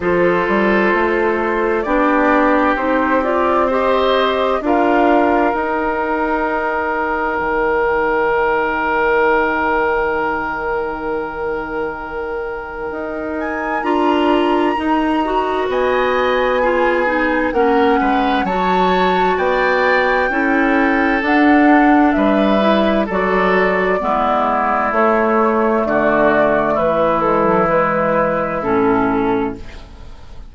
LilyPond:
<<
  \new Staff \with { instrumentName = "flute" } { \time 4/4 \tempo 4 = 65 c''2 d''4 c''8 d''8 | dis''4 f''4 g''2~ | g''1~ | g''2~ g''8 gis''8 ais''4~ |
ais''4 gis''2 fis''4 | a''4 g''2 fis''4 | e''4 d''2 cis''4 | d''4 b'8 a'8 b'4 a'4 | }
  \new Staff \with { instrumentName = "oboe" } { \time 4/4 a'2 g'2 | c''4 ais'2.~ | ais'1~ | ais'1~ |
ais'4 dis''4 gis'4 ais'8 b'8 | cis''4 d''4 a'2 | b'4 a'4 e'2 | fis'4 e'2. | }
  \new Staff \with { instrumentName = "clarinet" } { \time 4/4 f'2 d'4 dis'8 f'8 | g'4 f'4 dis'2~ | dis'1~ | dis'2. f'4 |
dis'8 fis'4. f'8 dis'8 cis'4 | fis'2 e'4 d'4~ | d'8 e'8 fis'4 b4 a4~ | a4. gis16 fis16 gis4 cis'4 | }
  \new Staff \with { instrumentName = "bassoon" } { \time 4/4 f8 g8 a4 b4 c'4~ | c'4 d'4 dis'2 | dis1~ | dis2 dis'4 d'4 |
dis'4 b2 ais8 gis8 | fis4 b4 cis'4 d'4 | g4 fis4 gis4 a4 | d4 e2 a,4 | }
>>